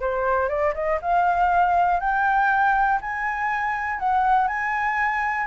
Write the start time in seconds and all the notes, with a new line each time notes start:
0.00 C5
0.49 D5
0.74 D#5
1.01 F5
2.00 G5
3.01 G#5
3.99 F#5
4.47 G#5